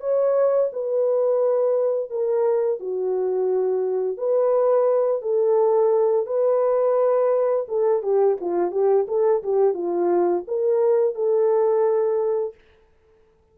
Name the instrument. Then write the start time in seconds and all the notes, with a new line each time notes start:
horn
0.00 C#5
0.72 B4
2.10 A#4
2.79 F#4
4.17 B4
5.22 A4
6.26 B4
7.68 A4
8.02 G4
8.40 F4
8.71 G4
9.08 A4
9.43 G4
9.74 F4
10.47 A#4
11.15 A4